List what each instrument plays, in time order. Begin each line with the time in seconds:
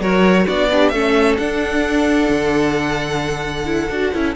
0.00 cello F#3, viola F#4, violin A#4 C#5
0.45 cello B3, viola D4, violin F#4 D5
0.70 violin D4, viola G4
0.89 cello A3, viola C#4, violin A4 E5
1.38 cello D4, viola D4, violin F#5
2.29 cello D3
3.65 viola E4
3.90 cello D4, viola F#4
4.13 cello C#4, viola E4